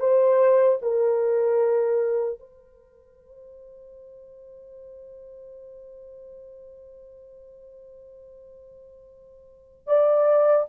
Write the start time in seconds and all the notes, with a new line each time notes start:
0.00 C5
0.82 A#4
2.40 C5
9.87 D5